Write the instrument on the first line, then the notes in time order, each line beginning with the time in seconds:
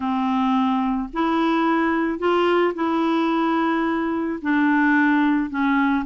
clarinet
0.00 C4
1.13 E4
2.18 F4
2.74 E4
4.42 D4
5.49 C#4